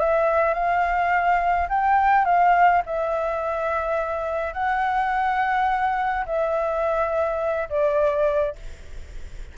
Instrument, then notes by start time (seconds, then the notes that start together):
flute
0.00 E5
0.54 F5
1.69 G5
2.25 F5
2.86 E5
4.54 F#5
6.26 E5
7.70 D5